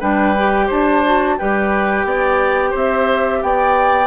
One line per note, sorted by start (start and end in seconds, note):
0.00 0.70 G3
0.00 0.35 D4
0.00 0.67 B4
0.00 0.70 G5
0.38 1.05 G4
0.67 1.39 D4
0.67 1.36 C5
0.67 1.39 A5
1.05 1.39 F#4
1.39 2.05 G3
1.39 4.07 G4
1.39 2.07 B4
1.39 2.75 G5
2.05 2.73 B3
2.05 2.70 D5
2.70 3.43 C4
2.70 3.39 C5
2.77 3.43 E5
3.43 4.07 B3
3.43 4.07 D5
3.43 4.07 G5